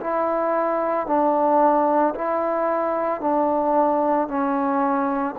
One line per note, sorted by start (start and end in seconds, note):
0.00 1.07 E4
1.07 2.14 D4
2.15 3.20 E4
3.20 4.28 D4
4.28 5.35 C#4